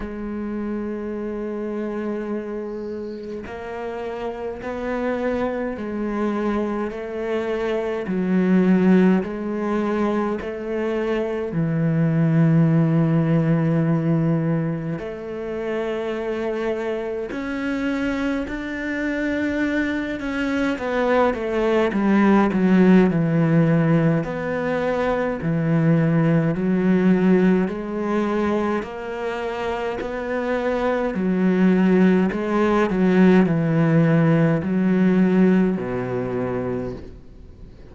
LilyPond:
\new Staff \with { instrumentName = "cello" } { \time 4/4 \tempo 4 = 52 gis2. ais4 | b4 gis4 a4 fis4 | gis4 a4 e2~ | e4 a2 cis'4 |
d'4. cis'8 b8 a8 g8 fis8 | e4 b4 e4 fis4 | gis4 ais4 b4 fis4 | gis8 fis8 e4 fis4 b,4 | }